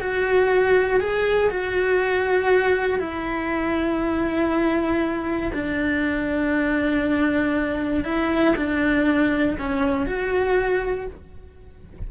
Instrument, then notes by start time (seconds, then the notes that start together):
cello
0.00 F#4
1.00 G#4
1.50 F#4
2.99 E4
5.53 D4
8.04 E4
8.56 D4
9.59 C#4
10.06 F#4